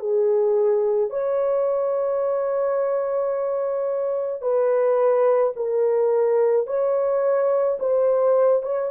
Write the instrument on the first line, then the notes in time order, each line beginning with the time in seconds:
horn
0.00 G#4
1.10 C#5
4.42 B4
5.57 A#4
6.67 C#5
7.80 C5
8.63 C#5